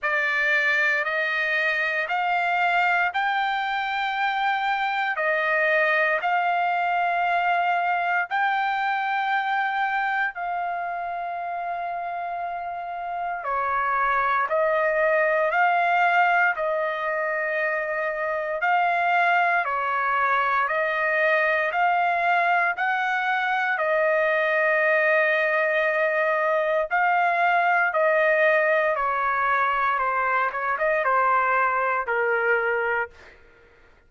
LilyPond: \new Staff \with { instrumentName = "trumpet" } { \time 4/4 \tempo 4 = 58 d''4 dis''4 f''4 g''4~ | g''4 dis''4 f''2 | g''2 f''2~ | f''4 cis''4 dis''4 f''4 |
dis''2 f''4 cis''4 | dis''4 f''4 fis''4 dis''4~ | dis''2 f''4 dis''4 | cis''4 c''8 cis''16 dis''16 c''4 ais'4 | }